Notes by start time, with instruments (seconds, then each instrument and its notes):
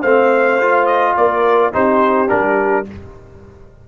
0.00 tuba A3, trombone C4, horn C5, trumpet F5
0.61 trombone F4
0.86 trumpet D#5
1.16 tuba A#3, horn A#4, trumpet D5
1.72 tuba C4, trombone D#4, horn G4, trumpet C5
2.27 tuba G3, trombone D4, trumpet A#4